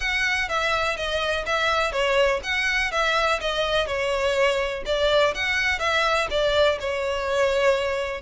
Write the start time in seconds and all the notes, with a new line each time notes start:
0.00 F#5
0.49 E5
0.97 D#5
1.45 E5
1.92 C#5
2.43 F#5
2.91 E5
3.40 D#5
3.87 C#5
4.85 D5
5.34 F#5
5.79 E5
6.30 D5
6.79 C#5